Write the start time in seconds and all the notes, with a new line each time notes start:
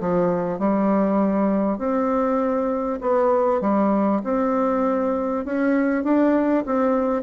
0.00 F3
0.59 G3
1.78 C4
3.01 B3
3.61 G3
4.23 C4
5.45 C#4
6.04 D4
6.65 C4